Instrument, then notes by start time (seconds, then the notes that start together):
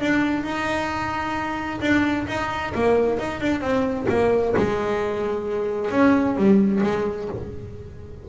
double bass
0.00 D4
0.44 D#4
1.81 D4
2.28 D#4
2.75 A#3
3.19 D#4
3.41 D4
3.61 C4
4.09 A#3
4.57 G#3
5.91 C#4
6.36 G3
6.83 G#3